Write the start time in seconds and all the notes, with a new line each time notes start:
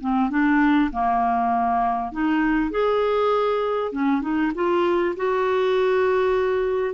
0.00 C4
0.30 D4
0.92 A#3
2.12 D#4
2.70 G#4
3.91 C#4
4.21 D#4
4.54 F4
5.16 F#4